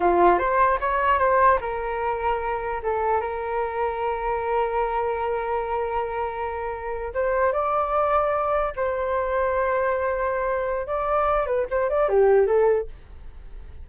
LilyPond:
\new Staff \with { instrumentName = "flute" } { \time 4/4 \tempo 4 = 149 f'4 c''4 cis''4 c''4 | ais'2. a'4 | ais'1~ | ais'1~ |
ais'4.~ ais'16 c''4 d''4~ d''16~ | d''4.~ d''16 c''2~ c''16~ | c''2. d''4~ | d''8 b'8 c''8 d''8 g'4 a'4 | }